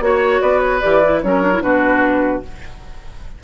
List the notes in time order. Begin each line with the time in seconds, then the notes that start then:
0.00 A#3 F#4 C#5
0.41 B3 B4 D5
0.59 C#5
0.80 E3 G4 D5
1.03 E4
1.22 F#3 C#4 A#4 C#5
1.42 D4
1.53 E4
1.62 B2 D4 F#4 B4